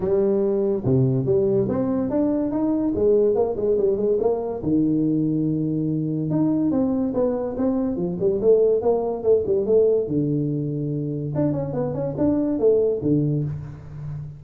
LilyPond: \new Staff \with { instrumentName = "tuba" } { \time 4/4 \tempo 4 = 143 g2 c4 g4 | c'4 d'4 dis'4 gis4 | ais8 gis8 g8 gis8 ais4 dis4~ | dis2. dis'4 |
c'4 b4 c'4 f8 g8 | a4 ais4 a8 g8 a4 | d2. d'8 cis'8 | b8 cis'8 d'4 a4 d4 | }